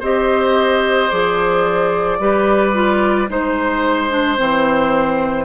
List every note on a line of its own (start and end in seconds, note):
0.00 1.10 C4
0.00 1.11 G4
0.00 2.18 C5
0.00 1.11 D#5
1.11 2.20 F3
1.11 2.20 G#4
1.11 3.30 D5
2.20 3.29 G3
2.20 2.73 G4
2.20 3.30 B4
2.73 3.28 F4
3.29 4.39 G#3
3.29 4.10 D#4
3.29 5.45 C5
4.10 4.37 D4
4.37 5.45 E3
4.37 5.45 C4